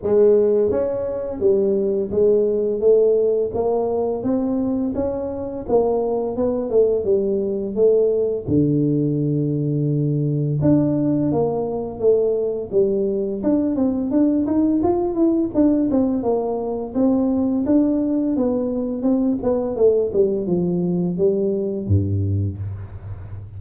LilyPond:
\new Staff \with { instrumentName = "tuba" } { \time 4/4 \tempo 4 = 85 gis4 cis'4 g4 gis4 | a4 ais4 c'4 cis'4 | ais4 b8 a8 g4 a4 | d2. d'4 |
ais4 a4 g4 d'8 c'8 | d'8 dis'8 f'8 e'8 d'8 c'8 ais4 | c'4 d'4 b4 c'8 b8 | a8 g8 f4 g4 g,4 | }